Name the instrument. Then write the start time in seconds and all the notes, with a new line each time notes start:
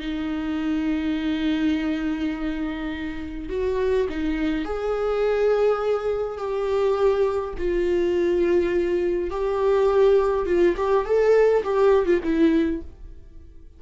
viola
0.00 D#4
3.50 F#4
4.10 D#4
4.65 G#4
6.38 G4
7.58 F4
9.31 G4
10.46 F4
10.77 G4
11.05 A4
11.64 G4
12.06 F4
12.24 E4